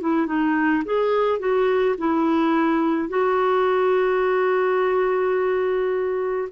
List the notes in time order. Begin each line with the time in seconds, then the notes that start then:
0.00 E4
0.26 D#4
0.84 G#4
1.39 F#4
1.98 E4
3.08 F#4